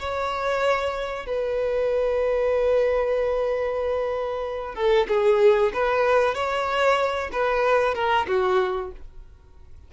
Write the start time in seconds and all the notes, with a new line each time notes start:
0.00 C#5
1.27 B4
4.76 A4
5.09 G#4
5.74 B4
6.35 C#5
7.33 B4
7.95 A#4
8.28 F#4